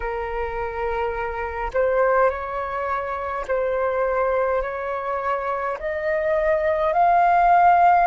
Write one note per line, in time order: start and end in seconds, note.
0.00 1.70 A#4
1.73 2.30 C5
2.30 3.45 C#5
3.47 4.62 C5
4.62 5.77 C#5
5.79 6.93 D#5
6.93 8.06 F5